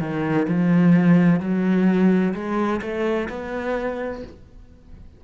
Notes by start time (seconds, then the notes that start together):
0.00 D#3
0.48 F3
1.40 F#3
2.34 G#3
2.82 A3
3.29 B3